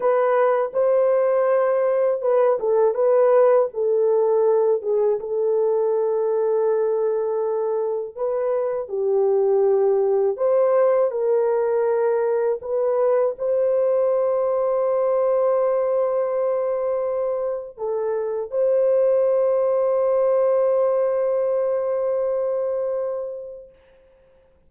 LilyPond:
\new Staff \with { instrumentName = "horn" } { \time 4/4 \tempo 4 = 81 b'4 c''2 b'8 a'8 | b'4 a'4. gis'8 a'4~ | a'2. b'4 | g'2 c''4 ais'4~ |
ais'4 b'4 c''2~ | c''1 | a'4 c''2.~ | c''1 | }